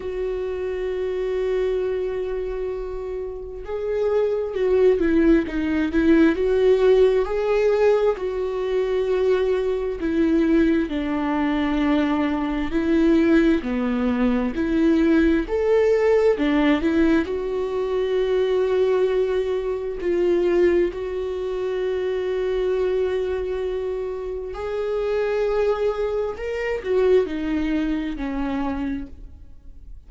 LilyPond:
\new Staff \with { instrumentName = "viola" } { \time 4/4 \tempo 4 = 66 fis'1 | gis'4 fis'8 e'8 dis'8 e'8 fis'4 | gis'4 fis'2 e'4 | d'2 e'4 b4 |
e'4 a'4 d'8 e'8 fis'4~ | fis'2 f'4 fis'4~ | fis'2. gis'4~ | gis'4 ais'8 fis'8 dis'4 cis'4 | }